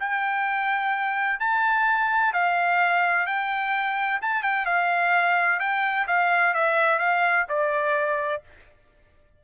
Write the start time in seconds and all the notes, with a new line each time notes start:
0.00 G5
1.40 A5
2.34 F5
3.27 G5
4.22 A5
4.43 G5
4.66 F5
5.60 G5
6.08 F5
6.54 E5
7.00 F5
7.49 D5